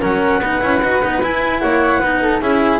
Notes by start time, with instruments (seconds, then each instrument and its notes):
0.00 double bass F#3, cello C#4, flute A#4, clarinet F#5
0.38 double bass B3, cello D#4, flute B4
0.61 double bass C#4, cello E4
0.82 double bass D#4, cello F#4
1.02 double bass B3, cello D#4
1.22 double bass E4, cello E4, clarinet G#5
1.60 double bass A#3, flute C#5, clarinet F#5
1.99 double bass B3, cello D#4, flute B4
2.22 flute A4
2.40 double bass C#4, cello E4, flute G#4, clarinet E5